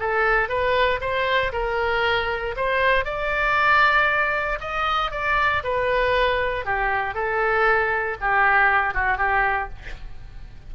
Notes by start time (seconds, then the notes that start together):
0.00 A4
0.49 B4
1.01 C5
1.53 A#4
2.57 C5
3.05 D5
4.61 D#5
5.12 D5
5.64 B4
6.65 G4
7.15 A4
8.21 G4
8.94 F#4
9.18 G4